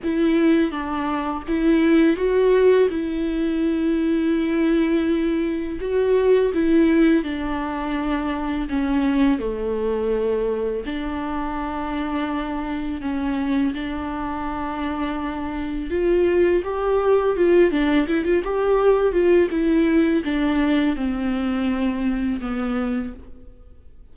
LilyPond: \new Staff \with { instrumentName = "viola" } { \time 4/4 \tempo 4 = 83 e'4 d'4 e'4 fis'4 | e'1 | fis'4 e'4 d'2 | cis'4 a2 d'4~ |
d'2 cis'4 d'4~ | d'2 f'4 g'4 | f'8 d'8 e'16 f'16 g'4 f'8 e'4 | d'4 c'2 b4 | }